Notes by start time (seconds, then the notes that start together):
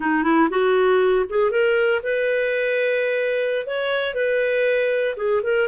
0.00 D#4
0.23 E4
0.50 F#4
1.29 G#4
1.50 A#4
2.02 B4
3.66 C#5
4.14 B4
5.16 G#4
5.42 A#4